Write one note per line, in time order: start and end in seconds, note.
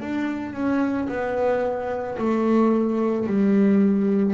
0.00 0.54 D4
0.54 1.08 C#4
1.09 2.18 B3
2.18 3.27 A3
3.27 4.34 G3